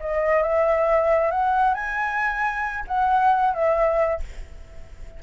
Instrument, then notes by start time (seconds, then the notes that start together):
flute
0.00 D#5
0.43 E5
1.31 F#5
1.74 G#5
2.87 F#5
3.54 E5